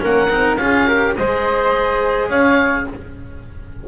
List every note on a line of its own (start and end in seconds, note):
0.00 0.29 A#3
0.00 0.28 C#4
0.00 0.60 A#4
0.00 0.57 F#5
0.29 0.58 C4
0.29 0.58 D#4
0.57 1.14 C#4
0.57 0.87 F4
0.57 0.87 G#4
0.57 1.14 F5
0.87 1.15 G4
0.87 1.16 A#4
1.16 2.29 G#3
1.16 2.88 G#4
1.16 2.29 C5
1.16 2.30 D#5
2.29 2.86 C#4
2.29 2.86 C#5
2.29 2.86 F5